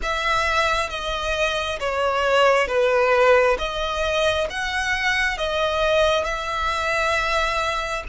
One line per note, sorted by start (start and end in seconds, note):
0.02 0.89 E5
0.89 1.79 D#5
1.79 2.67 C#5
2.67 3.57 B4
3.58 4.47 D#5
4.49 5.37 F#5
5.37 6.24 D#5
6.24 8.03 E5